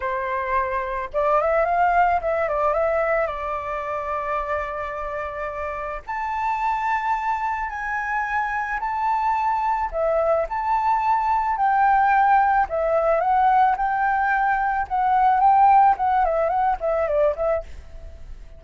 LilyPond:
\new Staff \with { instrumentName = "flute" } { \time 4/4 \tempo 4 = 109 c''2 d''8 e''8 f''4 | e''8 d''8 e''4 d''2~ | d''2. a''4~ | a''2 gis''2 |
a''2 e''4 a''4~ | a''4 g''2 e''4 | fis''4 g''2 fis''4 | g''4 fis''8 e''8 fis''8 e''8 d''8 e''8 | }